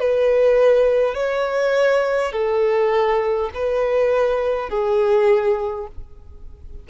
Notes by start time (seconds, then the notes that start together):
0.00 B4
1.14 C#5
2.32 A4
3.54 B4
4.70 G#4